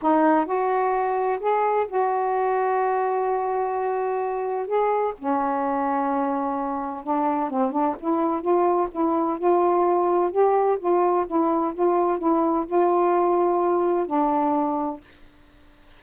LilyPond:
\new Staff \with { instrumentName = "saxophone" } { \time 4/4 \tempo 4 = 128 dis'4 fis'2 gis'4 | fis'1~ | fis'2 gis'4 cis'4~ | cis'2. d'4 |
c'8 d'8 e'4 f'4 e'4 | f'2 g'4 f'4 | e'4 f'4 e'4 f'4~ | f'2 d'2 | }